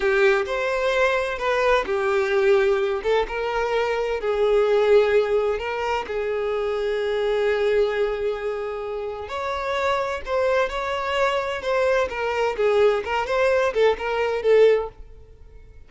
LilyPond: \new Staff \with { instrumentName = "violin" } { \time 4/4 \tempo 4 = 129 g'4 c''2 b'4 | g'2~ g'8 a'8 ais'4~ | ais'4 gis'2. | ais'4 gis'2.~ |
gis'1 | cis''2 c''4 cis''4~ | cis''4 c''4 ais'4 gis'4 | ais'8 c''4 a'8 ais'4 a'4 | }